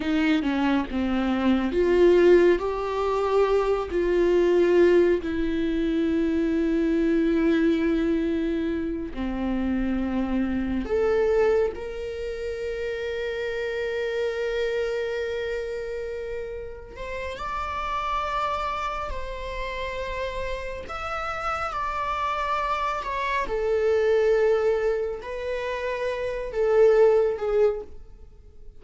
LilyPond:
\new Staff \with { instrumentName = "viola" } { \time 4/4 \tempo 4 = 69 dis'8 cis'8 c'4 f'4 g'4~ | g'8 f'4. e'2~ | e'2~ e'8 c'4.~ | c'8 a'4 ais'2~ ais'8~ |
ais'2.~ ais'8 c''8 | d''2 c''2 | e''4 d''4. cis''8 a'4~ | a'4 b'4. a'4 gis'8 | }